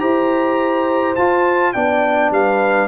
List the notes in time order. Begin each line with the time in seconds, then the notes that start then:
0.00 E4 G4 C5 A#5
1.16 F4 A5
1.73 B3 D4 D5 G5
2.31 G3 B4 F5